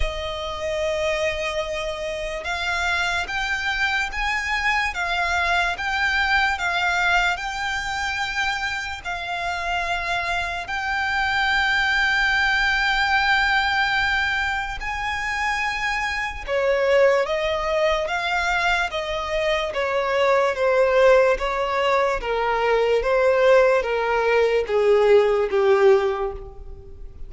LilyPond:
\new Staff \with { instrumentName = "violin" } { \time 4/4 \tempo 4 = 73 dis''2. f''4 | g''4 gis''4 f''4 g''4 | f''4 g''2 f''4~ | f''4 g''2.~ |
g''2 gis''2 | cis''4 dis''4 f''4 dis''4 | cis''4 c''4 cis''4 ais'4 | c''4 ais'4 gis'4 g'4 | }